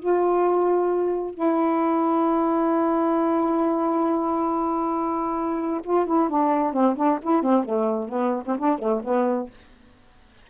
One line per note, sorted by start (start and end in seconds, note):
0.00 1.35 F4
1.35 5.81 E4
5.84 6.07 F4
6.07 6.30 E4
6.30 6.73 D4
6.73 6.96 C4
6.97 7.19 D4
7.23 7.43 E4
7.43 7.65 C4
7.65 8.09 A3
8.09 8.44 B3
8.46 8.58 C4
8.59 8.79 D4
8.79 9.02 A3
9.04 9.50 B3